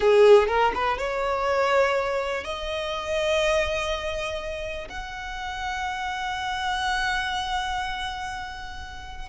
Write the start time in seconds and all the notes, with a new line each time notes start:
0.00 G#4
0.47 A#4
0.74 B4
0.98 C#5
2.44 D#5
4.89 F#5